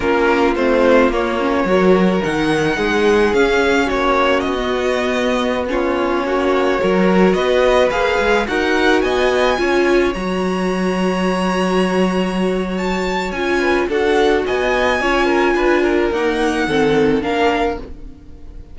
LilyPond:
<<
  \new Staff \with { instrumentName = "violin" } { \time 4/4 \tempo 4 = 108 ais'4 c''4 cis''2 | fis''2 f''4 cis''4 | dis''2~ dis''16 cis''4.~ cis''16~ | cis''4~ cis''16 dis''4 f''4 fis''8.~ |
fis''16 gis''2 ais''4.~ ais''16~ | ais''2. a''4 | gis''4 fis''4 gis''2~ | gis''4 fis''2 f''4 | }
  \new Staff \with { instrumentName = "violin" } { \time 4/4 f'2. ais'4~ | ais'4 gis'2 fis'4~ | fis'2~ fis'16 f'4 fis'8.~ | fis'16 ais'4 b'2 ais'8.~ |
ais'16 dis''4 cis''2~ cis''8.~ | cis''1~ | cis''8 b'8 a'4 dis''4 cis''8 ais'8 | b'8 ais'4. a'4 ais'4 | }
  \new Staff \with { instrumentName = "viola" } { \time 4/4 cis'4 c'4 ais8 cis'8 fis'4 | dis'2 cis'2~ | cis'16 b2 cis'4.~ cis'16~ | cis'16 fis'2 gis'4 fis'8.~ |
fis'4~ fis'16 f'4 fis'4.~ fis'16~ | fis'1 | f'4 fis'2 f'4~ | f'4 ais4 c'4 d'4 | }
  \new Staff \with { instrumentName = "cello" } { \time 4/4 ais4 a4 ais4 fis4 | dis4 gis4 cis'4 ais4 | b2.~ b16 ais8.~ | ais16 fis4 b4 ais8 gis8 dis'8.~ |
dis'16 b4 cis'4 fis4.~ fis16~ | fis1 | cis'4 d'4 b4 cis'4 | d'4 dis'4 dis4 ais4 | }
>>